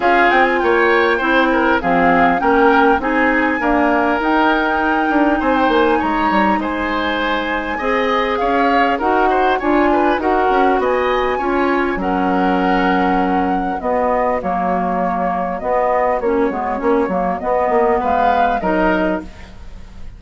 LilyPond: <<
  \new Staff \with { instrumentName = "flute" } { \time 4/4 \tempo 4 = 100 f''8 g''16 gis''16 g''2 f''4 | g''4 gis''2 g''4~ | g''4 gis''16 g''16 gis''8 ais''4 gis''4~ | gis''2 f''4 fis''4 |
gis''4 fis''4 gis''2 | fis''2. dis''4 | cis''2 dis''4 cis''4~ | cis''4 dis''4 f''4 dis''4 | }
  \new Staff \with { instrumentName = "oboe" } { \time 4/4 gis'4 cis''4 c''8 ais'8 gis'4 | ais'4 gis'4 ais'2~ | ais'4 c''4 cis''4 c''4~ | c''4 dis''4 cis''4 ais'8 c''8 |
cis''8 b'8 ais'4 dis''4 cis''4 | ais'2. fis'4~ | fis'1~ | fis'2 b'4 ais'4 | }
  \new Staff \with { instrumentName = "clarinet" } { \time 4/4 f'2 e'4 c'4 | cis'4 dis'4 ais4 dis'4~ | dis'1~ | dis'4 gis'2 fis'4 |
f'4 fis'2 f'4 | cis'2. b4 | ais2 b4 cis'8 b8 | cis'8 ais8 b2 dis'4 | }
  \new Staff \with { instrumentName = "bassoon" } { \time 4/4 cis'8 c'8 ais4 c'4 f4 | ais4 c'4 d'4 dis'4~ | dis'8 d'8 c'8 ais8 gis8 g8 gis4~ | gis4 c'4 cis'4 dis'4 |
d'4 dis'8 cis'8 b4 cis'4 | fis2. b4 | fis2 b4 ais8 gis8 | ais8 fis8 b8 ais8 gis4 fis4 | }
>>